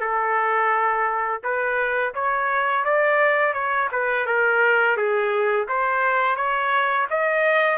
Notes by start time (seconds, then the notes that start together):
0.00 A4
1.43 B4
2.14 C#5
2.85 D5
3.54 C#5
3.92 B4
4.26 A#4
4.97 G#4
5.68 C5
6.36 C#5
7.10 D#5